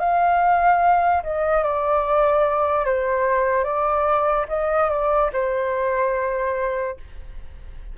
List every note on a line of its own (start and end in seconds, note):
0.00 1.23 F5
1.23 1.64 D#5
1.64 2.85 D5
2.85 3.64 C5
3.64 4.46 D5
4.49 4.90 D#5
4.90 5.31 D5
5.33 6.98 C5